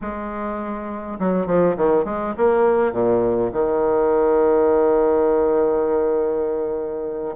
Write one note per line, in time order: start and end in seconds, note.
0.01 1.18 G#3
1.19 1.46 F#3
1.46 1.75 F3
1.76 2.04 D#3
2.04 2.34 G#3
2.37 2.92 A#3
2.92 3.51 A#2
3.52 7.34 D#3